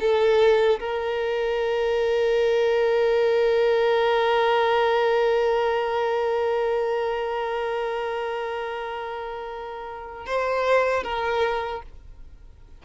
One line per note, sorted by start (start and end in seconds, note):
0.00 0.79 A4
0.79 10.26 A#4
10.26 11.03 C5
11.03 11.82 A#4